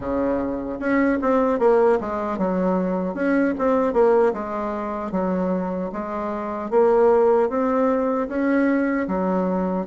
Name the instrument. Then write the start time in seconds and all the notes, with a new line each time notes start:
bassoon
0.00 C#3
0.79 C#4
1.21 C4
1.59 A#3
2.00 G#3
2.38 F#3
3.14 C#4
3.58 C4
3.93 A#3
4.33 G#3
5.11 F#3
5.92 G#3
6.70 A#3
7.49 C4
8.28 C#4
9.07 F#3